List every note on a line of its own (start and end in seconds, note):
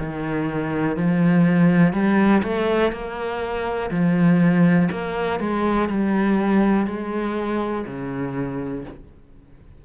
0.00 0.97 D#3
0.97 1.94 F3
1.94 2.43 G3
2.44 2.92 A3
2.92 3.91 A#3
3.91 4.90 F3
4.92 5.40 A#3
5.40 5.89 G#3
5.90 6.87 G3
6.87 7.86 G#3
7.87 8.85 C#3